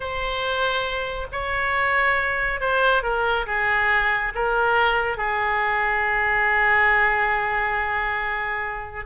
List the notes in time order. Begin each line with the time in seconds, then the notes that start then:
0.00 C5
1.32 C#5
2.60 C5
3.02 A#4
3.46 G#4
4.34 A#4
5.17 G#4